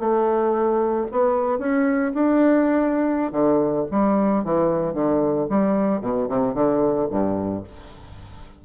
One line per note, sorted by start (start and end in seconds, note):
0.00 1.07 A3
1.12 1.59 B3
1.59 2.13 C#4
2.15 3.32 D4
3.32 3.86 D3
3.92 4.45 G3
4.45 4.94 E3
4.94 5.48 D3
5.50 6.02 G3
6.02 6.28 B2
6.29 6.55 C3
6.55 7.08 D3
7.11 7.64 G2